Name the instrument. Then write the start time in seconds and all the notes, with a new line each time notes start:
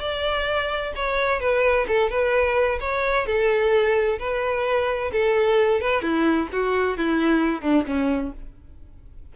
violin
0.00 D5
0.95 C#5
1.40 B4
1.88 A4
2.10 B4
2.80 C#5
3.26 A4
4.19 B4
5.12 A4
5.81 B4
6.02 E4
6.52 F#4
6.97 E4
7.61 D4
7.86 C#4